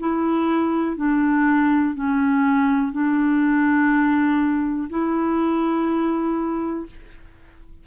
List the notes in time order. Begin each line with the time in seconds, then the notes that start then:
0.00 E4
0.97 D4
1.95 C#4
2.92 D4
4.90 E4